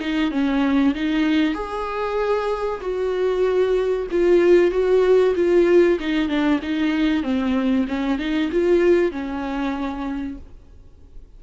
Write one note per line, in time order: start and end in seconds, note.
0.00 0.31 D#4
0.31 0.94 C#4
0.94 1.54 D#4
1.54 2.80 G#4
2.81 4.07 F#4
4.11 4.71 F4
4.71 5.34 F#4
5.35 5.99 F4
6.00 6.29 D#4
6.29 6.60 D4
6.62 7.23 D#4
7.23 7.86 C4
7.88 8.18 C#4
8.18 8.50 D#4
8.52 9.11 F4
9.11 10.38 C#4